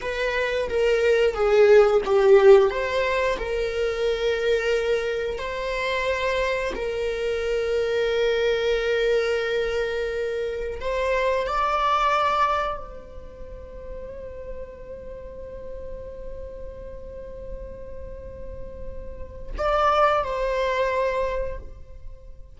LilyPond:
\new Staff \with { instrumentName = "viola" } { \time 4/4 \tempo 4 = 89 b'4 ais'4 gis'4 g'4 | c''4 ais'2. | c''2 ais'2~ | ais'1 |
c''4 d''2 c''4~ | c''1~ | c''1~ | c''4 d''4 c''2 | }